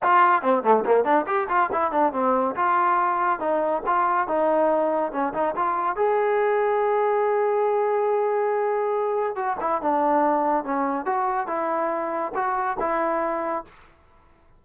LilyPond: \new Staff \with { instrumentName = "trombone" } { \time 4/4 \tempo 4 = 141 f'4 c'8 a8 ais8 d'8 g'8 f'8 | e'8 d'8 c'4 f'2 | dis'4 f'4 dis'2 | cis'8 dis'8 f'4 gis'2~ |
gis'1~ | gis'2 fis'8 e'8 d'4~ | d'4 cis'4 fis'4 e'4~ | e'4 fis'4 e'2 | }